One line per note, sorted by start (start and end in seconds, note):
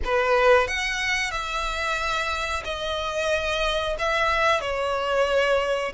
0.04 0.67 B4
0.67 1.31 F#5
1.31 2.63 E5
2.64 3.96 D#5
3.98 4.60 E5
4.60 5.92 C#5